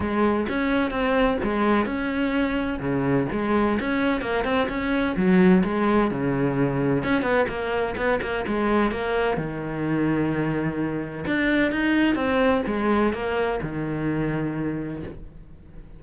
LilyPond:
\new Staff \with { instrumentName = "cello" } { \time 4/4 \tempo 4 = 128 gis4 cis'4 c'4 gis4 | cis'2 cis4 gis4 | cis'4 ais8 c'8 cis'4 fis4 | gis4 cis2 cis'8 b8 |
ais4 b8 ais8 gis4 ais4 | dis1 | d'4 dis'4 c'4 gis4 | ais4 dis2. | }